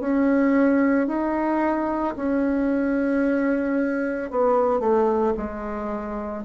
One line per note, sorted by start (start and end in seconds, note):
0.00 1.07 C#4
1.08 2.15 D#4
2.16 4.31 C#4
4.31 4.80 B3
4.80 5.33 A3
5.37 6.44 G#3